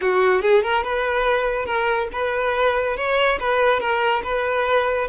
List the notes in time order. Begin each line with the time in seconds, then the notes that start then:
0.01 F#4
0.41 G#4
0.63 A#4
0.83 B4
1.65 A#4
2.12 B4
2.96 C#5
3.39 B4
3.80 A#4
4.23 B4